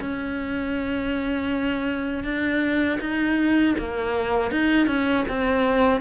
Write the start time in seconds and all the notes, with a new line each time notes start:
0.00 C#4
2.24 D4
3.00 D#4
3.78 A#3
4.51 D#4
4.87 C#4
5.28 C4